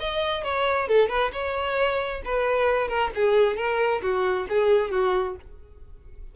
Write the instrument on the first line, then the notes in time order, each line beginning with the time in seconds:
violin
0.00 D#5
0.44 C#5
0.88 A4
1.09 B4
1.33 C#5
2.25 B4
2.88 A#4
3.15 G#4
3.57 A#4
4.02 F#4
4.49 G#4
4.92 F#4